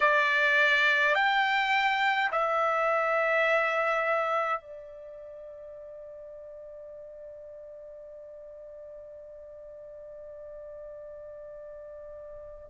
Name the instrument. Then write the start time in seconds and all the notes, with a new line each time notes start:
trumpet
0.00 D5
1.14 G5
2.31 E5
4.60 D5